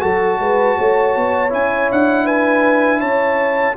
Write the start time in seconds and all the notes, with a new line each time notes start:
0.00 F#3 F#4 A4 A5
0.39 G#3 B4
0.78 A3 C#5
1.16 B3
1.49 C#4 E4 G#5
1.92 D4 F#5
2.25 B4 G#5
3.00 C#4 C#5 A5